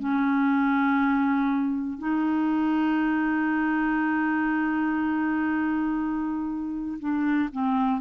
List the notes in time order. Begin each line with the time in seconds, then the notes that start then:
0.00 C#4
1.99 D#4
7.00 D4
7.53 C4